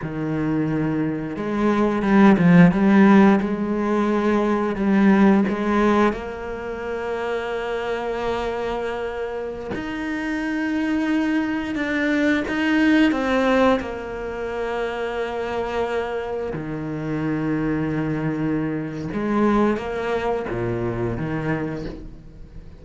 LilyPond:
\new Staff \with { instrumentName = "cello" } { \time 4/4 \tempo 4 = 88 dis2 gis4 g8 f8 | g4 gis2 g4 | gis4 ais2.~ | ais2~ ais16 dis'4.~ dis'16~ |
dis'4~ dis'16 d'4 dis'4 c'8.~ | c'16 ais2.~ ais8.~ | ais16 dis2.~ dis8. | gis4 ais4 ais,4 dis4 | }